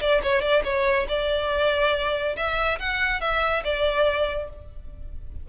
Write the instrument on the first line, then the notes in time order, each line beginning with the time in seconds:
violin
0.00 D5
0.22 C#5
0.41 D5
0.64 C#5
1.08 D5
2.36 E5
2.79 F#5
3.20 E5
3.64 D5